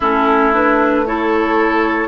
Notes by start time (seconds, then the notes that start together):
0.00 A3 C#4 E4 A4
0.52 D4 B4
1.06 E4 A4 C#5